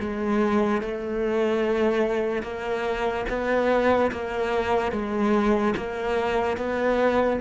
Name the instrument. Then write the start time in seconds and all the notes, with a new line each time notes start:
cello
0.00 G#3
0.82 A3
2.43 A#3
3.29 B3
4.12 A#3
4.92 G#3
5.77 A#3
6.58 B3